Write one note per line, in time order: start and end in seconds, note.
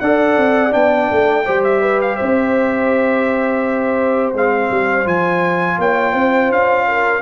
0.00 0.36 D4
0.00 0.70 A4
0.00 1.45 D5
0.00 0.72 F#5
0.36 0.73 C4
0.70 1.10 B3
0.70 1.43 D4
0.70 1.63 G5
1.11 1.47 A3
1.45 2.20 G3
1.45 4.35 G4
1.45 1.81 C5
1.64 2.00 E5
1.81 2.17 B4
2.01 2.16 F5
2.16 4.33 C4
2.16 5.78 C5
2.16 4.32 E5
4.33 4.69 G#3
4.33 5.05 C4
4.33 5.07 F5
4.71 5.06 G3
5.05 5.78 F3
5.05 7.22 F4
5.05 5.80 G#5
5.78 6.14 A#3
5.78 6.13 C#5
5.78 6.52 G5
6.13 6.50 C4
6.13 6.85 C5
6.50 7.22 C#4
6.50 7.22 F5
6.88 7.22 A#4